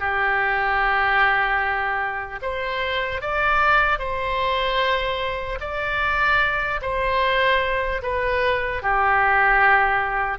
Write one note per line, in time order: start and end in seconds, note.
0.00 2.40 G4
2.43 3.21 C5
3.21 3.99 D5
3.99 5.59 C5
5.61 6.81 D5
6.82 8.02 C5
8.03 8.83 B4
8.83 10.39 G4